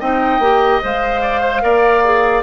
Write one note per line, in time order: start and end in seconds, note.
0.00 0.39 C4
0.00 0.41 D#4
0.00 1.21 D#5
0.00 0.82 G5
0.39 0.80 A#3
0.39 0.82 G4
0.83 1.63 G#3
0.83 1.62 C5
0.83 2.43 F5
1.21 1.41 D5
1.41 1.61 C5
1.62 2.43 A#3
1.62 2.03 A#4
1.62 2.43 D5
2.04 2.43 G#4